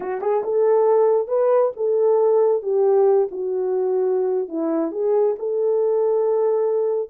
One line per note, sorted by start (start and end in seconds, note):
0.00 0.21 F#4
0.21 0.43 G#4
0.43 1.27 A4
1.27 1.71 B4
1.76 2.62 A4
2.62 3.28 G4
3.31 4.48 F#4
4.48 4.91 E4
4.91 5.35 G#4
5.38 7.09 A4